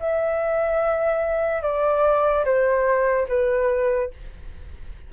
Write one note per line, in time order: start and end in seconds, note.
0.00 1.63 E5
1.63 2.45 D5
2.45 3.28 C5
3.29 4.11 B4